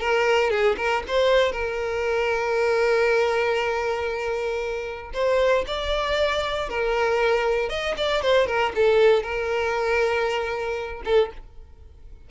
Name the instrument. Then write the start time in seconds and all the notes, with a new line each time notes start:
violin
0.00 A#4
0.51 G#4
0.78 A#4
1.08 C5
1.52 A#4
5.14 C5
5.67 D5
6.69 A#4
7.69 D#5
7.97 D5
8.22 C5
8.47 A#4
8.75 A4
9.23 A#4
11.05 A4